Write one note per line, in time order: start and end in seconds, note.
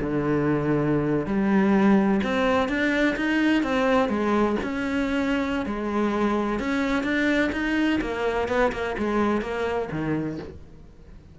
0.00 1.26 D3
1.26 2.21 G3
2.23 2.68 C4
2.68 3.16 D4
3.16 3.63 D#4
3.63 4.09 C4
4.09 4.56 G#3
4.63 5.66 C#4
5.66 6.59 G#3
6.59 7.03 C#4
7.03 7.50 D4
7.52 7.99 D#4
8.01 8.48 A#3
8.48 8.72 B3
8.72 8.95 A#3
8.98 9.41 G#3
9.41 9.88 A#3
9.91 10.38 D#3